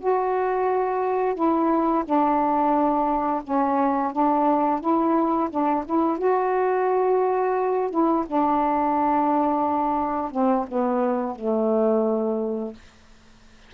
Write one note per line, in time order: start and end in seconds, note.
0.00 1.35 F#4
1.35 2.04 E4
2.04 3.42 D4
3.44 4.12 C#4
4.12 4.80 D4
4.80 5.49 E4
5.50 5.84 D4
5.85 6.18 E4
6.18 7.90 F#4
7.90 8.25 E4
8.27 10.31 D4
10.31 10.66 C4
10.68 11.35 B3
11.35 12.73 A3